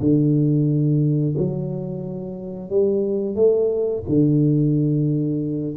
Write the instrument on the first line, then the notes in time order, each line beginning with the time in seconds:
tuba
0.00 D3
1.37 F#3
2.69 G3
3.35 A3
4.08 D3